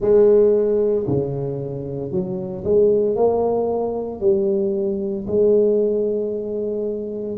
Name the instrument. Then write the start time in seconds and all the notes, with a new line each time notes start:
tuba
0.00 G#3
1.07 C#3
2.11 F#3
2.64 G#3
3.15 A#3
4.20 G3
5.27 G#3